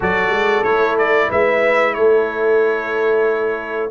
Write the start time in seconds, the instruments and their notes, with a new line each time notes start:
0.00 tuba F#3, trombone F#4, horn A4, trumpet D5
0.29 tuba G#3
0.63 tuba A3, trombone E4, trumpet C#5
0.97 trumpet D5
1.29 tuba G#3, horn B4, trumpet E5
1.94 tuba A3, horn A4, trumpet C#5